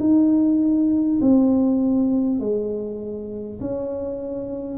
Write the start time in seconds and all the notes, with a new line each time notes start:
0.00 D#4
1.21 C4
2.40 G#3
3.60 C#4